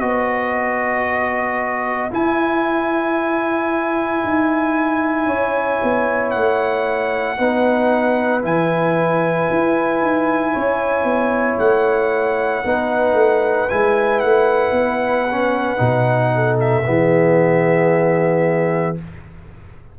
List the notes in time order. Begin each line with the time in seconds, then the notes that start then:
0.00 B3 F#4 B4 D#5
2.10 E4 G#5
4.24 D#4
5.26 C#4 C#5
5.83 B3
6.30 A3 F#5
7.37 B3 D#4 B4
8.42 E3 E4 G#5
9.50 E4
10.01 D#4
10.53 C#4 C#5
11.04 B3
11.58 A3 F#5
12.63 B3 D#4 B4
13.13 A3
13.69 G#3 E4 G#5
14.20 A3 F#5
14.71 B3
15.31 C#4
15.77 B2 D#4
16.34 A4
16.60 E5
16.85 E3 B3 G#4